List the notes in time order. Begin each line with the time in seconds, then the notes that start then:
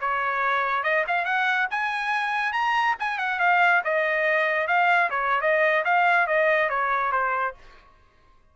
0.00 C#5
0.83 D#5
1.07 F5
1.25 F#5
1.70 G#5
2.52 A#5
2.99 G#5
3.18 F#5
3.39 F5
3.84 D#5
4.67 F5
5.10 C#5
5.41 D#5
5.84 F5
6.27 D#5
6.69 C#5
7.12 C5